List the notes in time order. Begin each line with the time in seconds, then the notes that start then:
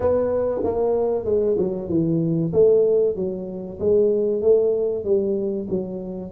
0.00 B3
0.63 A#3
1.24 G#3
1.58 F#3
1.88 E3
2.52 A3
3.15 F#3
3.79 G#3
4.41 A3
5.04 G3
5.69 F#3